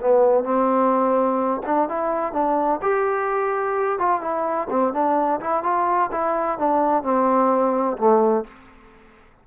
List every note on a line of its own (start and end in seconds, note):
0.00 0.44 B3
0.44 1.61 C4
1.66 1.89 D4
1.89 2.33 E4
2.33 2.80 D4
2.82 3.99 G4
3.99 4.21 F4
4.21 4.68 E4
4.70 4.93 C4
4.93 5.40 D4
5.40 5.63 E4
5.63 6.10 F4
6.11 6.58 E4
6.58 7.03 D4
7.03 7.97 C4
7.97 8.44 A3